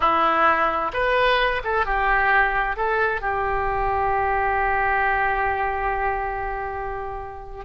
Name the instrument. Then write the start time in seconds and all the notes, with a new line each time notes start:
oboe
0.00 E4
0.93 B4
1.63 A4
1.85 G4
2.76 A4
3.21 G4